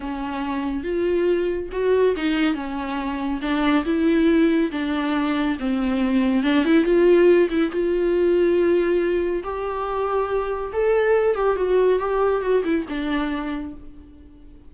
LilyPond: \new Staff \with { instrumentName = "viola" } { \time 4/4 \tempo 4 = 140 cis'2 f'2 | fis'4 dis'4 cis'2 | d'4 e'2 d'4~ | d'4 c'2 d'8 e'8 |
f'4. e'8 f'2~ | f'2 g'2~ | g'4 a'4. g'8 fis'4 | g'4 fis'8 e'8 d'2 | }